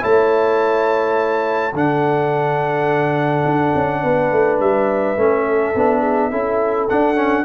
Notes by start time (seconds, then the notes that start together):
0.00 A3 E4 C#5 A5
1.73 D3 D4 A4 F#5
3.45 D4
3.75 C#4
4.02 B3 B4
4.31 A3
4.60 G3 E5
5.17 A3 C#4
5.45 A4
5.75 B3 D4
6.00 G#4
6.31 C#4 E4 A4
6.89 D4 F#5
7.15 C#4